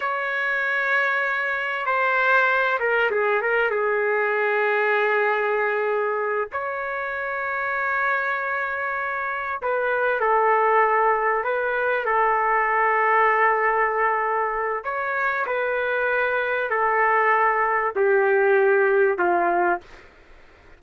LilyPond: \new Staff \with { instrumentName = "trumpet" } { \time 4/4 \tempo 4 = 97 cis''2. c''4~ | c''8 ais'8 gis'8 ais'8 gis'2~ | gis'2~ gis'8 cis''4.~ | cis''2.~ cis''8 b'8~ |
b'8 a'2 b'4 a'8~ | a'1 | cis''4 b'2 a'4~ | a'4 g'2 f'4 | }